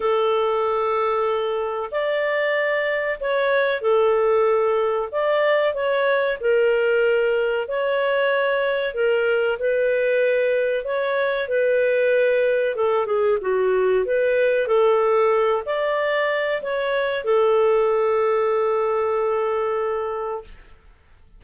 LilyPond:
\new Staff \with { instrumentName = "clarinet" } { \time 4/4 \tempo 4 = 94 a'2. d''4~ | d''4 cis''4 a'2 | d''4 cis''4 ais'2 | cis''2 ais'4 b'4~ |
b'4 cis''4 b'2 | a'8 gis'8 fis'4 b'4 a'4~ | a'8 d''4. cis''4 a'4~ | a'1 | }